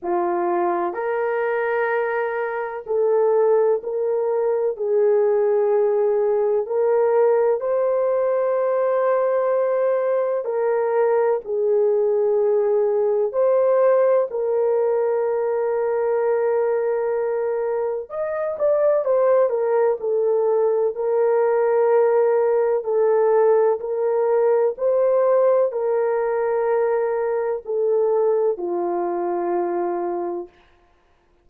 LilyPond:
\new Staff \with { instrumentName = "horn" } { \time 4/4 \tempo 4 = 63 f'4 ais'2 a'4 | ais'4 gis'2 ais'4 | c''2. ais'4 | gis'2 c''4 ais'4~ |
ais'2. dis''8 d''8 | c''8 ais'8 a'4 ais'2 | a'4 ais'4 c''4 ais'4~ | ais'4 a'4 f'2 | }